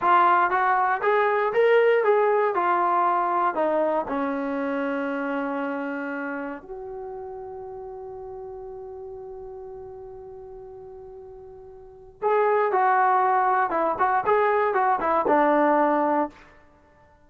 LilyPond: \new Staff \with { instrumentName = "trombone" } { \time 4/4 \tempo 4 = 118 f'4 fis'4 gis'4 ais'4 | gis'4 f'2 dis'4 | cis'1~ | cis'4 fis'2.~ |
fis'1~ | fis'1 | gis'4 fis'2 e'8 fis'8 | gis'4 fis'8 e'8 d'2 | }